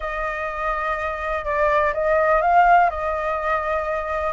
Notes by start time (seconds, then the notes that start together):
0.00 D#5
1.45 D5
1.93 D#5
2.41 F5
2.89 D#5